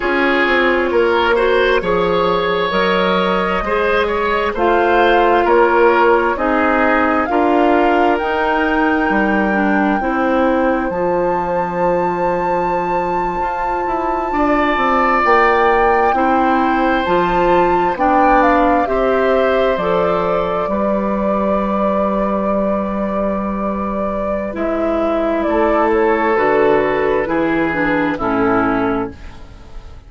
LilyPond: <<
  \new Staff \with { instrumentName = "flute" } { \time 4/4 \tempo 4 = 66 cis''2. dis''4~ | dis''4 f''4 cis''4 dis''4 | f''4 g''2. | a''1~ |
a''8. g''2 a''4 g''16~ | g''16 f''8 e''4 d''2~ d''16~ | d''2. e''4 | d''8 cis''8 b'2 a'4 | }
  \new Staff \with { instrumentName = "oboe" } { \time 4/4 gis'4 ais'8 c''8 cis''2 | c''8 cis''8 c''4 ais'4 gis'4 | ais'2. c''4~ | c''2.~ c''8. d''16~ |
d''4.~ d''16 c''2 d''16~ | d''8. c''2 b'4~ b'16~ | b'1 | a'2 gis'4 e'4 | }
  \new Staff \with { instrumentName = "clarinet" } { \time 4/4 f'4. fis'8 gis'4 ais'4 | gis'4 f'2 dis'4 | f'4 dis'4. d'8 e'4 | f'1~ |
f'4.~ f'16 e'4 f'4 d'16~ | d'8. g'4 a'4 g'4~ g'16~ | g'2. e'4~ | e'4 fis'4 e'8 d'8 cis'4 | }
  \new Staff \with { instrumentName = "bassoon" } { \time 4/4 cis'8 c'8 ais4 f4 fis4 | gis4 a4 ais4 c'4 | d'4 dis'4 g4 c'4 | f2~ f8. f'8 e'8 d'16~ |
d'16 c'8 ais4 c'4 f4 b16~ | b8. c'4 f4 g4~ g16~ | g2. gis4 | a4 d4 e4 a,4 | }
>>